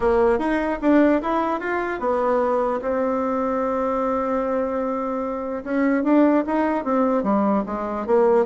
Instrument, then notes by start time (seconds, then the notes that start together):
bassoon
0.00 A#3
0.38 D#4
0.81 D4
1.22 E4
1.59 F4
1.99 B3
2.81 C4
5.64 C#4
6.03 D4
6.46 D#4
6.84 C4
7.23 G3
7.66 G#3
8.06 A#3